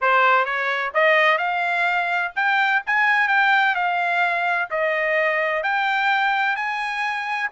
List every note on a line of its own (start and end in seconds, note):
0.01 0.45 C5
0.45 0.91 C#5
0.94 1.38 D#5
1.38 2.31 F5
2.35 2.82 G5
2.86 3.28 G#5
3.28 3.75 G5
3.75 4.69 F5
4.70 5.63 D#5
5.63 6.56 G5
6.56 7.49 G#5